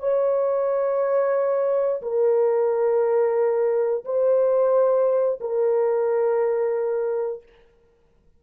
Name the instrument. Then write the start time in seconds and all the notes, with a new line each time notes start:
horn
0.00 C#5
2.03 A#4
4.05 C5
5.41 A#4